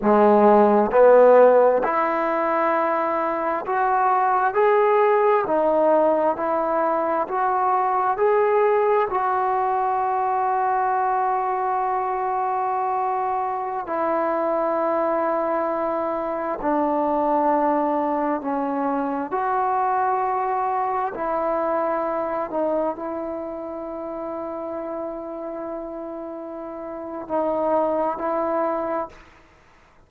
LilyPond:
\new Staff \with { instrumentName = "trombone" } { \time 4/4 \tempo 4 = 66 gis4 b4 e'2 | fis'4 gis'4 dis'4 e'4 | fis'4 gis'4 fis'2~ | fis'2.~ fis'16 e'8.~ |
e'2~ e'16 d'4.~ d'16~ | d'16 cis'4 fis'2 e'8.~ | e'8. dis'8 e'2~ e'8.~ | e'2 dis'4 e'4 | }